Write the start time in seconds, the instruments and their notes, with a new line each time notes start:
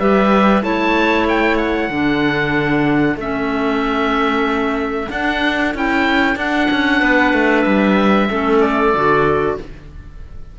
0.00 cello G3, clarinet G4 B4, oboe E5
0.62 cello A3, clarinet E4 C#5, oboe A5
1.29 oboe G5
1.58 oboe F#5
1.90 cello D3, clarinet D4 A4
3.16 cello A3, clarinet C#4, oboe E5
5.09 clarinet D4, cello D4, oboe F#5
5.75 cello C#4, clarinet E4, oboe G5
6.36 clarinet D4, cello D4, oboe F#5
6.71 cello C#4
7.00 cello B3, clarinet B4
7.34 cello A3
7.62 cello G3, oboe E5
8.30 cello A3, clarinet C#4 A4
8.61 oboe D5
8.94 cello D3, clarinet F#4